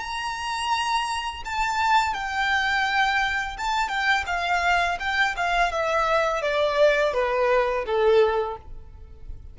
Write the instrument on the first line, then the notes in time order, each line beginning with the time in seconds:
violin
0.00 A#5
1.45 A5
2.14 G5
3.57 A5
3.89 G5
4.27 F5
4.99 G5
5.37 F5
5.72 E5
6.42 D5
7.14 B4
7.86 A4